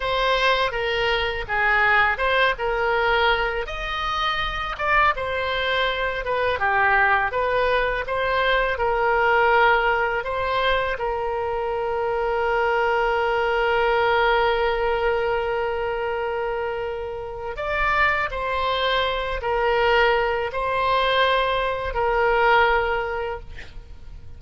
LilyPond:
\new Staff \with { instrumentName = "oboe" } { \time 4/4 \tempo 4 = 82 c''4 ais'4 gis'4 c''8 ais'8~ | ais'4 dis''4. d''8 c''4~ | c''8 b'8 g'4 b'4 c''4 | ais'2 c''4 ais'4~ |
ais'1~ | ais'1 | d''4 c''4. ais'4. | c''2 ais'2 | }